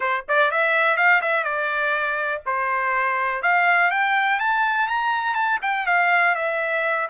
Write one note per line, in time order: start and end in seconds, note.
0.00 0.24 C5
0.28 0.51 D5
0.51 0.96 E5
0.96 1.21 F5
1.21 1.44 E5
1.44 2.41 D5
2.46 3.42 C5
3.42 3.90 F5
3.90 4.39 G5
4.39 4.88 A5
4.88 5.34 A#5
5.34 5.58 A5
5.61 5.86 G5
5.86 6.35 F5
6.35 7.08 E5